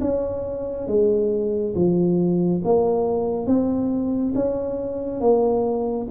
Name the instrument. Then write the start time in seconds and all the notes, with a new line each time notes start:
tuba
0.00 C#4
0.87 G#3
1.75 F3
2.64 A#3
3.46 C4
4.35 C#4
5.20 A#3